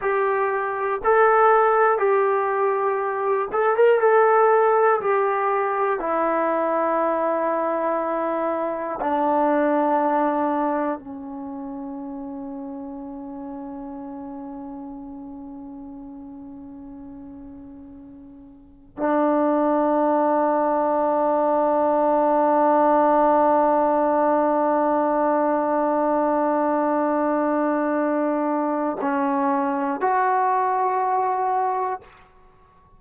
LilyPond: \new Staff \with { instrumentName = "trombone" } { \time 4/4 \tempo 4 = 60 g'4 a'4 g'4. a'16 ais'16 | a'4 g'4 e'2~ | e'4 d'2 cis'4~ | cis'1~ |
cis'2. d'4~ | d'1~ | d'1~ | d'4 cis'4 fis'2 | }